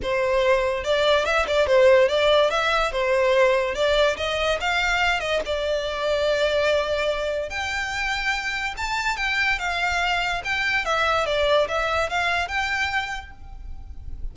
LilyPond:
\new Staff \with { instrumentName = "violin" } { \time 4/4 \tempo 4 = 144 c''2 d''4 e''8 d''8 | c''4 d''4 e''4 c''4~ | c''4 d''4 dis''4 f''4~ | f''8 dis''8 d''2.~ |
d''2 g''2~ | g''4 a''4 g''4 f''4~ | f''4 g''4 e''4 d''4 | e''4 f''4 g''2 | }